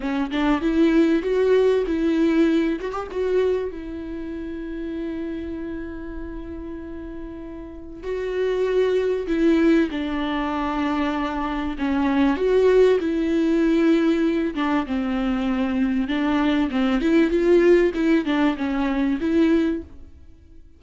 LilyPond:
\new Staff \with { instrumentName = "viola" } { \time 4/4 \tempo 4 = 97 cis'8 d'8 e'4 fis'4 e'4~ | e'8 fis'16 g'16 fis'4 e'2~ | e'1~ | e'4 fis'2 e'4 |
d'2. cis'4 | fis'4 e'2~ e'8 d'8 | c'2 d'4 c'8 e'8 | f'4 e'8 d'8 cis'4 e'4 | }